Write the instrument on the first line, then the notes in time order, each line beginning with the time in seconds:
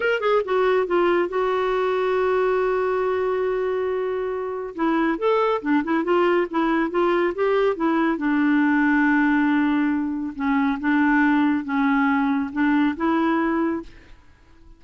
clarinet
0.00 A#4
0.20 G#4
0.44 F#4
0.87 F4
1.29 F#4
4.75 E4
5.18 A4
5.62 D4
5.84 E4
6.04 F4
6.50 E4
6.90 F4
7.34 G4
7.76 E4
8.17 D4
10.35 C#4
10.80 D4
11.64 C#4
12.52 D4
12.96 E4